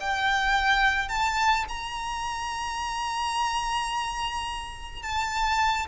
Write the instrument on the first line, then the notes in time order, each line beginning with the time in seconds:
violin
0.00 G5
1.09 A5
1.68 A#5
5.02 A5